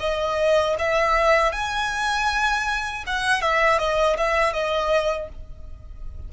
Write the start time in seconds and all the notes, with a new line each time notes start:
0.00 D#5
0.79 E5
1.53 G#5
3.07 F#5
3.42 E5
3.79 D#5
4.17 E5
4.53 D#5